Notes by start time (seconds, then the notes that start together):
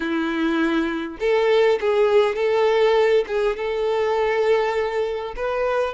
0.00 E4
1.19 A4
1.80 G#4
2.35 A4
3.27 G#4
3.56 A4
5.35 B4